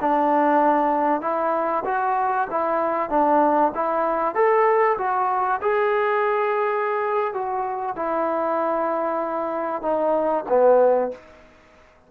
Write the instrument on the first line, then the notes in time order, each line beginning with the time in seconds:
trombone
0.00 D4
1.20 E4
1.85 F#4
2.50 E4
3.09 D4
3.74 E4
4.34 A4
4.97 F#4
5.61 G#4
7.33 F#4
7.96 E4
9.82 D#4
10.48 B3